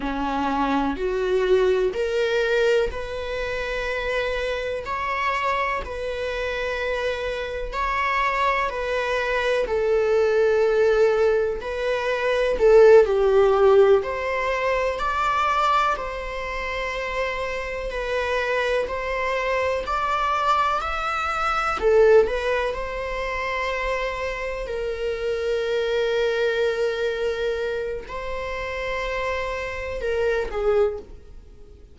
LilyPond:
\new Staff \with { instrumentName = "viola" } { \time 4/4 \tempo 4 = 62 cis'4 fis'4 ais'4 b'4~ | b'4 cis''4 b'2 | cis''4 b'4 a'2 | b'4 a'8 g'4 c''4 d''8~ |
d''8 c''2 b'4 c''8~ | c''8 d''4 e''4 a'8 b'8 c''8~ | c''4. ais'2~ ais'8~ | ais'4 c''2 ais'8 gis'8 | }